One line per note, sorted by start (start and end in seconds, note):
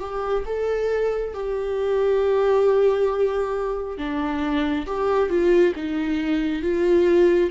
0.00 0.44 G4
0.46 1.34 A4
1.34 3.98 G4
3.98 4.86 D4
4.86 5.30 G4
5.30 5.74 F4
5.76 6.63 D#4
6.63 7.51 F4